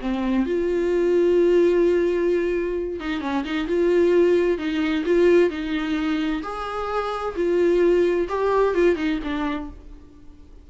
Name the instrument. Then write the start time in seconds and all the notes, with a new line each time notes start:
viola
0.00 C4
0.46 F4
3.00 D#4
3.20 C#4
3.44 D#4
3.67 F4
4.58 D#4
5.05 F4
5.50 D#4
6.43 G#4
7.36 F4
8.28 G4
8.74 F4
8.96 D#4
9.23 D4